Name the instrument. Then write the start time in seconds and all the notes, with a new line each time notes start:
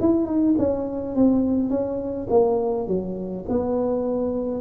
tuba
0.00 E4
0.25 D#4
0.58 C#4
1.15 C4
1.69 C#4
2.29 A#3
2.87 F#3
3.48 B3